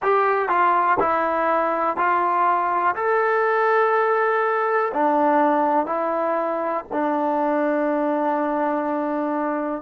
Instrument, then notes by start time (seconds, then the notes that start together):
trombone
0.02 G4
0.48 F4
0.99 E4
1.96 F4
2.95 A4
4.93 D4
5.86 E4
6.92 D4